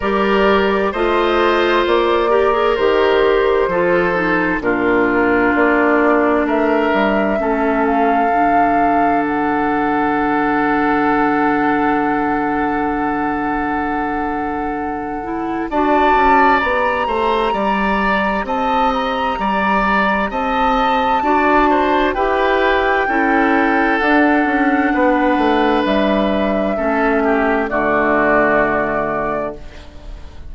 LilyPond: <<
  \new Staff \with { instrumentName = "flute" } { \time 4/4 \tempo 4 = 65 d''4 dis''4 d''4 c''4~ | c''4 ais'4 d''4 e''4~ | e''8 f''4. fis''2~ | fis''1~ |
fis''4 a''4 ais''2 | a''8 ais''4. a''2 | g''2 fis''2 | e''2 d''2 | }
  \new Staff \with { instrumentName = "oboe" } { \time 4/4 ais'4 c''4. ais'4. | a'4 f'2 ais'4 | a'1~ | a'1~ |
a'4 d''4. c''8 d''4 | dis''4 d''4 dis''4 d''8 c''8 | b'4 a'2 b'4~ | b'4 a'8 g'8 fis'2 | }
  \new Staff \with { instrumentName = "clarinet" } { \time 4/4 g'4 f'4. g'16 gis'16 g'4 | f'8 dis'8 d'2. | cis'4 d'2.~ | d'1~ |
d'8 e'8 fis'4 g'2~ | g'2. fis'4 | g'4 e'4 d'2~ | d'4 cis'4 a2 | }
  \new Staff \with { instrumentName = "bassoon" } { \time 4/4 g4 a4 ais4 dis4 | f4 ais,4 ais4 a8 g8 | a4 d2.~ | d1~ |
d4 d'8 cis'8 b8 a8 g4 | c'4 g4 c'4 d'4 | e'4 cis'4 d'8 cis'8 b8 a8 | g4 a4 d2 | }
>>